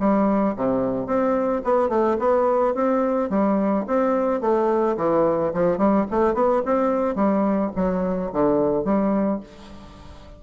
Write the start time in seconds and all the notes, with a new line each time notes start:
0.00 G3
0.57 C3
1.07 C4
1.65 B3
1.90 A3
2.20 B3
2.75 C4
3.30 G3
3.87 C4
4.41 A3
4.97 E3
5.54 F3
5.78 G3
6.11 A3
6.35 B3
6.66 C4
7.16 G3
7.76 F#3
8.33 D3
8.85 G3